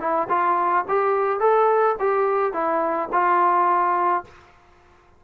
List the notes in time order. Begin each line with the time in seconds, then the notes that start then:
0.00 E4
0.29 F4
0.88 G4
1.40 A4
2.00 G4
2.53 E4
3.12 F4